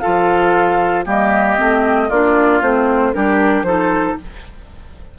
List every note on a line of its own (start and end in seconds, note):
0.00 1.06 F3
0.00 1.05 F4
0.00 1.05 A4
0.00 1.03 F5
1.05 1.58 G3
1.05 1.57 A#3
1.05 2.08 G4
1.05 2.10 D#5
1.57 2.10 A3
1.57 2.09 C4
2.08 2.61 A#3
2.08 2.61 D4
2.08 3.12 F4
2.08 2.62 D5
2.61 3.13 A3
2.61 3.13 C4
2.61 3.13 C5
3.13 3.62 G3
3.13 3.65 D4
3.13 3.66 G4
3.13 3.63 A#4
3.62 4.14 F3
3.62 4.18 D#4
3.62 4.18 A4
3.62 4.15 C5